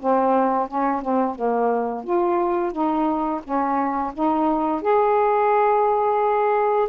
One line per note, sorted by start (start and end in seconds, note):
0.00 0.68 C4
0.68 1.02 C#4
1.02 1.36 C4
1.36 2.04 A#3
2.04 2.72 F4
2.72 3.41 D#4
3.44 4.13 C#4
4.14 4.82 D#4
4.82 6.89 G#4